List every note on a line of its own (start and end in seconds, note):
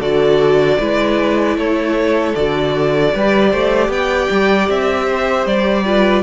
0.00 0.78 D3
0.00 0.79 F#4
0.00 0.78 A4
0.00 1.58 D5
0.80 1.57 G#3
0.80 2.36 E4
0.80 1.58 B4
1.57 2.35 A3
1.57 3.13 A4
1.57 2.36 C#5
2.36 3.14 D3
2.36 3.13 F#4
2.36 3.91 D5
3.13 3.54 G3
3.13 5.85 G4
3.13 3.50 B4
3.50 3.89 A3
3.50 3.89 C5
3.89 4.28 B3
3.89 5.06 D5
3.89 4.69 G5
4.31 4.69 G3
4.69 5.46 C4
4.69 5.47 E5
5.06 5.84 C5
5.46 6.23 G3
5.46 6.23 D5
5.85 6.23 F4
5.85 6.23 B4